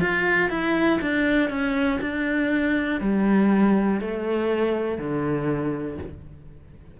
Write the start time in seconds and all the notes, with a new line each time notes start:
0.00 F4
0.49 E4
1.00 D4
1.50 C#4
2.00 D4
3.00 G3
4.00 A3
4.98 D3